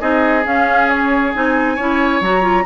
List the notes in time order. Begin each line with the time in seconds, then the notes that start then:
0.00 C4 D#4 G#4 D#5
0.45 C#4 F5
0.90 C#5
1.35 C4 D#4 G#5
1.76 C#4 E4 C#5
2.21 F#3 F#4 A#5
2.42 F4